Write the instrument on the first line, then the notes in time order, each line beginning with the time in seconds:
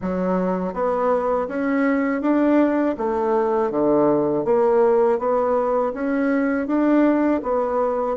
bassoon
0.01 F#3
0.73 B3
1.48 C#4
2.21 D4
2.97 A3
3.70 D3
4.44 A#3
5.18 B3
5.93 C#4
6.67 D4
7.42 B3